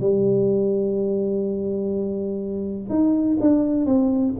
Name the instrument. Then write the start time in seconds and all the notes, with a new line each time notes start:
tuba
0.00 G3
2.89 D#4
3.41 D4
3.86 C4